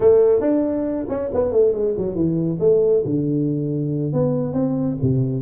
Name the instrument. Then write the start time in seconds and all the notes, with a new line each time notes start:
tuba
0.00 A3
0.41 D4
1.08 C#4
1.34 B3
1.52 A3
1.73 G#3
1.97 F#3
2.15 E3
2.59 A3
3.05 D3
4.12 B3
4.53 C4
5.01 C3